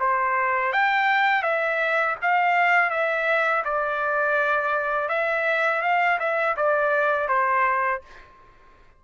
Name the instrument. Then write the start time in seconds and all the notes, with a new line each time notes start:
trumpet
0.00 C5
0.73 G5
1.43 E5
2.22 F5
2.90 E5
3.65 D5
5.09 E5
5.82 F5
6.19 E5
6.57 D5
7.28 C5